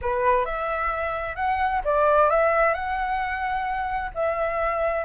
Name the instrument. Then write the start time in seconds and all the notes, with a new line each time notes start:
flute
0.01 B4
0.45 E5
1.35 F#5
1.84 D5
2.30 E5
2.74 F#5
4.14 E5